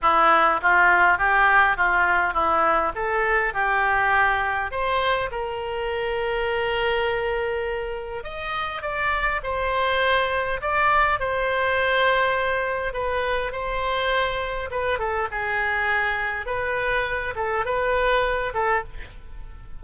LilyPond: \new Staff \with { instrumentName = "oboe" } { \time 4/4 \tempo 4 = 102 e'4 f'4 g'4 f'4 | e'4 a'4 g'2 | c''4 ais'2.~ | ais'2 dis''4 d''4 |
c''2 d''4 c''4~ | c''2 b'4 c''4~ | c''4 b'8 a'8 gis'2 | b'4. a'8 b'4. a'8 | }